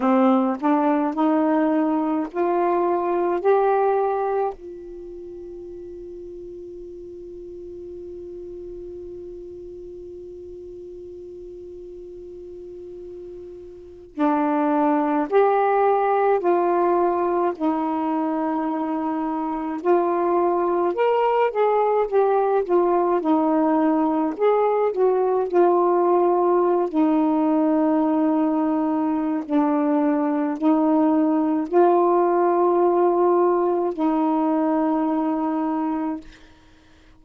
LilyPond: \new Staff \with { instrumentName = "saxophone" } { \time 4/4 \tempo 4 = 53 c'8 d'8 dis'4 f'4 g'4 | f'1~ | f'1~ | f'8 d'4 g'4 f'4 dis'8~ |
dis'4. f'4 ais'8 gis'8 g'8 | f'8 dis'4 gis'8 fis'8 f'4~ f'16 dis'16~ | dis'2 d'4 dis'4 | f'2 dis'2 | }